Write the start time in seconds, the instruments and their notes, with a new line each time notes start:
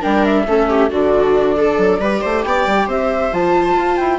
0.00 bassoon G3, viola D4 A#4, flute G5
0.24 flute E5
0.46 bassoon A3, viola C#4 A4
0.69 viola G4
0.90 bassoon D3, viola D4 F#4, flute D5
1.57 viola A4
1.77 bassoon F#3
1.99 bassoon G3, viola G4 B4
2.21 bassoon A3, viola C5
2.44 bassoon B3, viola D5, flute G5
2.66 bassoon G3
2.86 bassoon C4, viola C5, flute E5
3.32 bassoon F3, viola F4, flute A5
3.75 bassoon F4
3.96 bassoon E4, flute G5